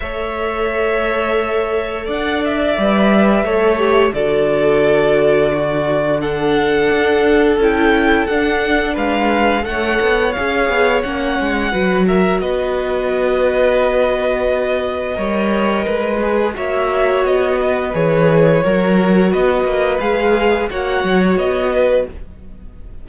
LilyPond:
<<
  \new Staff \with { instrumentName = "violin" } { \time 4/4 \tempo 4 = 87 e''2. fis''8 e''8~ | e''2 d''2~ | d''4 fis''2 g''4 | fis''4 f''4 fis''4 f''4 |
fis''4. e''8 dis''2~ | dis''1 | e''4 dis''4 cis''2 | dis''4 f''4 fis''4 dis''4 | }
  \new Staff \with { instrumentName = "violin" } { \time 4/4 cis''2. d''4~ | d''4 cis''4 a'2 | fis'4 a'2.~ | a'4 b'4 cis''2~ |
cis''4 b'8 ais'8 b'2~ | b'2 cis''4 b'4 | cis''4. b'4. ais'4 | b'2 cis''4. b'8 | }
  \new Staff \with { instrumentName = "viola" } { \time 4/4 a'1 | b'4 a'8 g'8 fis'2~ | fis'4 d'2 e'4 | d'2 a'4 gis'4 |
cis'4 fis'2.~ | fis'2 ais'4. gis'8 | fis'2 gis'4 fis'4~ | fis'4 gis'4 fis'2 | }
  \new Staff \with { instrumentName = "cello" } { \time 4/4 a2. d'4 | g4 a4 d2~ | d2 d'4 cis'4 | d'4 gis4 a8 b8 cis'8 b8 |
ais8 gis8 fis4 b2~ | b2 g4 gis4 | ais4 b4 e4 fis4 | b8 ais8 gis4 ais8 fis8 b4 | }
>>